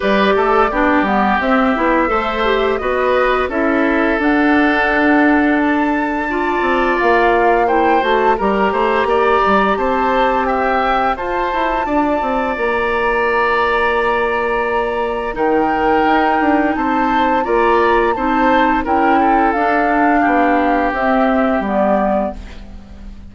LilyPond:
<<
  \new Staff \with { instrumentName = "flute" } { \time 4/4 \tempo 4 = 86 d''2 e''2 | dis''4 e''4 fis''2 | a''2 f''4 g''8 a''8 | ais''2 a''4 g''4 |
a''2 ais''2~ | ais''2 g''2 | a''4 ais''4 a''4 g''4 | f''2 e''4 d''4 | }
  \new Staff \with { instrumentName = "oboe" } { \time 4/4 b'8 a'8 g'2 c''4 | b'4 a'2.~ | a'4 d''2 c''4 | ais'8 c''8 d''4 c''4 e''4 |
c''4 d''2.~ | d''2 ais'2 | c''4 d''4 c''4 ais'8 a'8~ | a'4 g'2. | }
  \new Staff \with { instrumentName = "clarinet" } { \time 4/4 g'4 d'8 b8 c'8 e'8 a'8 g'8 | fis'4 e'4 d'2~ | d'4 f'2 e'8 fis'8 | g'1 |
f'1~ | f'2 dis'2~ | dis'4 f'4 dis'4 e'4 | d'2 c'4 b4 | }
  \new Staff \with { instrumentName = "bassoon" } { \time 4/4 g8 a8 b8 g8 c'8 b8 a4 | b4 cis'4 d'2~ | d'4. c'8 ais4. a8 | g8 a8 ais8 g8 c'2 |
f'8 e'8 d'8 c'8 ais2~ | ais2 dis4 dis'8 d'8 | c'4 ais4 c'4 cis'4 | d'4 b4 c'4 g4 | }
>>